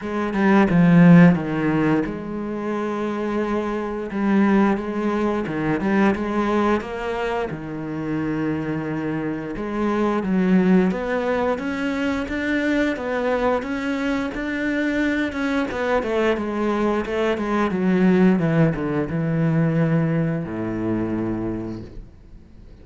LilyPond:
\new Staff \with { instrumentName = "cello" } { \time 4/4 \tempo 4 = 88 gis8 g8 f4 dis4 gis4~ | gis2 g4 gis4 | dis8 g8 gis4 ais4 dis4~ | dis2 gis4 fis4 |
b4 cis'4 d'4 b4 | cis'4 d'4. cis'8 b8 a8 | gis4 a8 gis8 fis4 e8 d8 | e2 a,2 | }